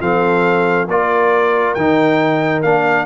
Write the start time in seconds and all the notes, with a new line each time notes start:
0.00 F3 C4 A4 F5
0.88 A#3 F4 A#4 D5
1.74 D#3 D#4 G5
2.62 A#3 D4 F5